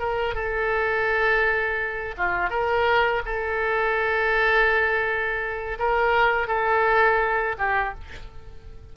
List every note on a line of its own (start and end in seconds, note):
0.00 0.35 A#4
0.35 2.16 A4
2.18 2.50 F4
2.50 3.23 A#4
3.26 5.79 A4
5.79 6.48 A#4
6.48 7.56 A4
7.59 7.95 G4